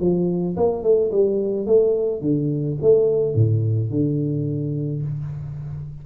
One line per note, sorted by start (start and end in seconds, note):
0.00 0.56 F3
0.57 0.83 A#3
0.83 1.11 A3
1.11 1.66 G3
1.66 2.21 A3
2.21 2.77 D3
2.82 3.35 A3
3.35 3.90 A2
3.90 5.02 D3